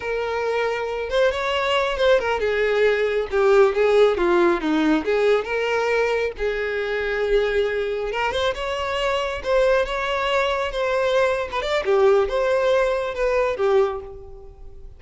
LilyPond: \new Staff \with { instrumentName = "violin" } { \time 4/4 \tempo 4 = 137 ais'2~ ais'8 c''8 cis''4~ | cis''8 c''8 ais'8 gis'2 g'8~ | g'8 gis'4 f'4 dis'4 gis'8~ | gis'8 ais'2 gis'4.~ |
gis'2~ gis'8 ais'8 c''8 cis''8~ | cis''4. c''4 cis''4.~ | cis''8 c''4.~ c''16 b'16 d''8 g'4 | c''2 b'4 g'4 | }